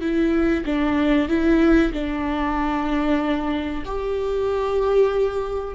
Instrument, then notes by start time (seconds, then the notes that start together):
viola
0.00 E4
0.65 D4
1.28 E4
1.92 D4
3.85 G4